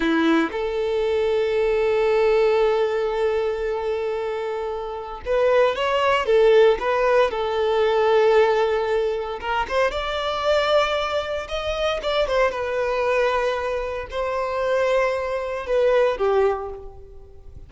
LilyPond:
\new Staff \with { instrumentName = "violin" } { \time 4/4 \tempo 4 = 115 e'4 a'2.~ | a'1~ | a'2 b'4 cis''4 | a'4 b'4 a'2~ |
a'2 ais'8 c''8 d''4~ | d''2 dis''4 d''8 c''8 | b'2. c''4~ | c''2 b'4 g'4 | }